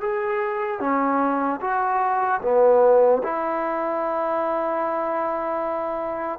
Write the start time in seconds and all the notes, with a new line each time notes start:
0.00 G#4
0.80 C#4
1.60 F#4
2.42 B3
3.23 E4